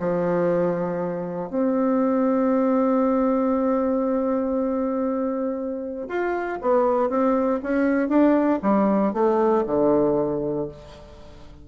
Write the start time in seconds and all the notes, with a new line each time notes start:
0.00 F3
1.50 C4
6.08 F4
6.61 B3
7.10 C4
7.63 C#4
8.09 D4
8.63 G3
9.13 A3
9.67 D3